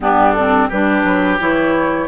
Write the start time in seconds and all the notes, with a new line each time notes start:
0.00 G2 B3 D4 G4
0.32 C4 A4
0.68 G3 D4 G4 B4
1.04 F#3
1.39 E3 E4 C#5